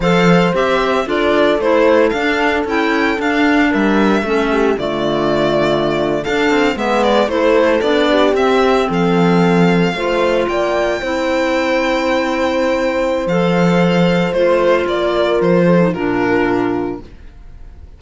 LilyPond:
<<
  \new Staff \with { instrumentName = "violin" } { \time 4/4 \tempo 4 = 113 f''4 e''4 d''4 c''4 | f''4 g''4 f''4 e''4~ | e''4 d''2~ d''8. f''16~ | f''8. e''8 d''8 c''4 d''4 e''16~ |
e''8. f''2. g''16~ | g''1~ | g''4 f''2 c''4 | d''4 c''4 ais'2 | }
  \new Staff \with { instrumentName = "horn" } { \time 4/4 c''2 a'2~ | a'2. ais'4 | a'8 g'8 f'2~ f'8. a'16~ | a'8. b'4 a'4. g'8.~ |
g'8. a'2 c''4 d''16~ | d''8. c''2.~ c''16~ | c''1~ | c''8 ais'4 a'8 f'2 | }
  \new Staff \with { instrumentName = "clarinet" } { \time 4/4 a'4 g'4 f'4 e'4 | d'4 e'4 d'2 | cis'4 a2~ a8. d'16~ | d'8. b4 e'4 d'4 c'16~ |
c'2~ c'8. f'4~ f'16~ | f'8. e'2.~ e'16~ | e'4 a'2 f'4~ | f'4.~ f'16 dis'16 d'2 | }
  \new Staff \with { instrumentName = "cello" } { \time 4/4 f4 c'4 d'4 a4 | d'4 cis'4 d'4 g4 | a4 d2~ d8. d'16~ | d'16 c'8 gis4 a4 b4 c'16~ |
c'8. f2 a4 ais16~ | ais8. c'2.~ c'16~ | c'4 f2 a4 | ais4 f4 ais,2 | }
>>